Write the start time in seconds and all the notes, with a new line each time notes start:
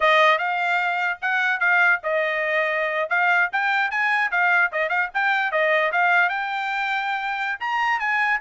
0.00 D#5
0.38 F5
1.21 F#5
1.60 F5
2.03 D#5
3.09 F5
3.52 G5
3.91 G#5
4.31 F5
4.72 D#5
4.89 F5
5.13 G5
5.51 D#5
5.91 F5
6.29 G5
7.60 A#5
7.99 G#5